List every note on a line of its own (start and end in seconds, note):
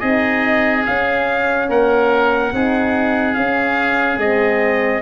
0.00 0.86 C4
0.00 0.85 D#4
0.00 1.67 G#4
0.00 0.83 D#5
0.86 2.53 C#4
0.86 1.69 C#4
0.86 1.70 F5
1.69 2.52 A#3
1.69 2.53 A#4
1.69 3.34 F#5
2.53 3.36 C4
2.53 3.37 D#4
2.53 5.02 G#4
3.34 4.18 C#4
3.34 4.20 C#4
3.34 4.18 F5
4.18 5.01 G#3
4.18 5.02 C4
4.18 5.02 D#5